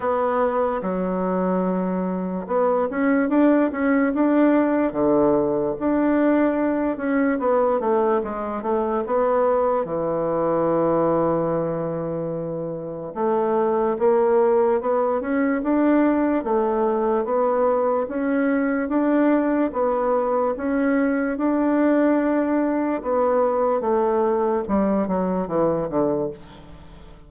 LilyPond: \new Staff \with { instrumentName = "bassoon" } { \time 4/4 \tempo 4 = 73 b4 fis2 b8 cis'8 | d'8 cis'8 d'4 d4 d'4~ | d'8 cis'8 b8 a8 gis8 a8 b4 | e1 |
a4 ais4 b8 cis'8 d'4 | a4 b4 cis'4 d'4 | b4 cis'4 d'2 | b4 a4 g8 fis8 e8 d8 | }